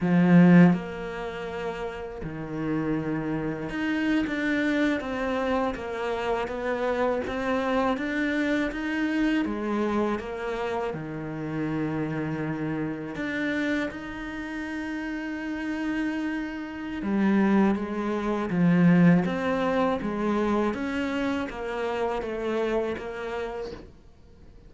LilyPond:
\new Staff \with { instrumentName = "cello" } { \time 4/4 \tempo 4 = 81 f4 ais2 dis4~ | dis4 dis'8. d'4 c'4 ais16~ | ais8. b4 c'4 d'4 dis'16~ | dis'8. gis4 ais4 dis4~ dis16~ |
dis4.~ dis16 d'4 dis'4~ dis'16~ | dis'2. g4 | gis4 f4 c'4 gis4 | cis'4 ais4 a4 ais4 | }